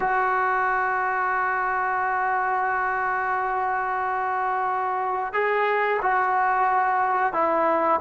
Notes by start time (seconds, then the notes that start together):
0.00 F#4
5.33 G#4
6.02 F#4
7.33 E4